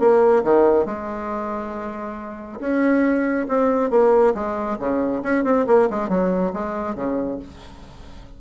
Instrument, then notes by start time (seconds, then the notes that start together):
bassoon
0.00 A#3
0.44 D#3
0.86 G#3
2.60 C#4
3.49 C4
3.91 A#3
4.35 G#3
4.79 C#3
5.23 C#4
5.44 C4
5.67 A#3
5.90 G#3
6.09 F#3
6.54 G#3
6.96 C#3